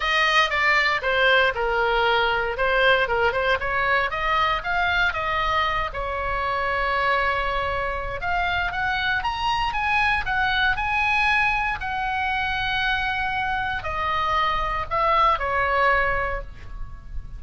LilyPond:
\new Staff \with { instrumentName = "oboe" } { \time 4/4 \tempo 4 = 117 dis''4 d''4 c''4 ais'4~ | ais'4 c''4 ais'8 c''8 cis''4 | dis''4 f''4 dis''4. cis''8~ | cis''1 |
f''4 fis''4 ais''4 gis''4 | fis''4 gis''2 fis''4~ | fis''2. dis''4~ | dis''4 e''4 cis''2 | }